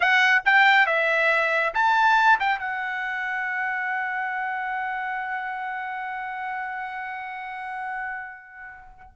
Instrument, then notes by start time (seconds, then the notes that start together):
trumpet
0.00 F#5
0.45 G5
0.86 E5
1.74 A5
2.39 G5
2.59 F#5